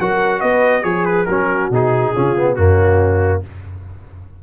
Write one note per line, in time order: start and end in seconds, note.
0.00 0.42 F#3
0.00 0.83 F#4
0.00 0.42 A#4
0.00 0.41 F#5
0.41 0.84 B3
0.41 0.85 B4
0.41 0.84 D#5
0.83 1.27 F3
0.83 1.26 G#4
0.83 1.29 G#4
0.83 1.05 C#5
1.05 1.26 B4
1.26 1.71 F#3
1.26 1.72 C#4
1.26 2.13 F#4
1.26 1.69 A#4
1.71 2.14 B2
1.71 2.15 D#4
1.71 2.55 G#4
2.13 2.57 C#3
2.13 2.37 C#4
2.13 2.56 F4
2.37 2.57 B3
2.55 3.43 F#2
2.55 3.43 A#3
2.55 3.43 C#4
2.55 3.42 F#4